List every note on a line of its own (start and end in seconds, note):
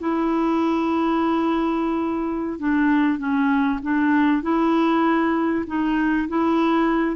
0.00 2.60 E4
2.60 3.19 D4
3.19 3.80 C#4
3.83 4.43 D4
4.43 5.65 E4
5.67 6.28 D#4
6.29 7.16 E4